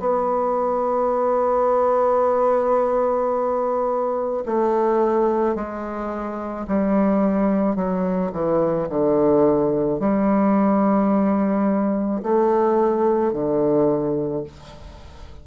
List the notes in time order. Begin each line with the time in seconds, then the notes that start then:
0.00 B3
4.46 A3
5.56 G#3
6.68 G3
7.76 F#3
8.33 E3
8.90 D3
10.00 G3
12.23 A3
13.33 D3